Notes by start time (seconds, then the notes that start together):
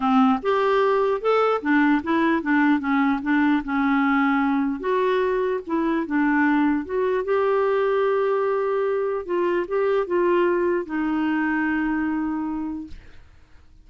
0.00 C4
0.42 G4
1.21 A4
1.61 D4
2.03 E4
2.42 D4
2.79 C#4
3.22 D4
3.64 C#4
4.80 F#4
5.66 E4
6.06 D4
6.85 F#4
7.24 G4
9.25 F4
9.67 G4
10.06 F4
10.85 D#4